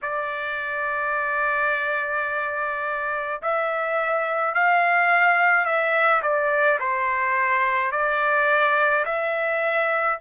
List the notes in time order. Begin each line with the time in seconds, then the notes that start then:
0.02 D5
3.42 E5
4.54 F5
5.64 E5
6.22 D5
6.79 C5
7.91 D5
9.05 E5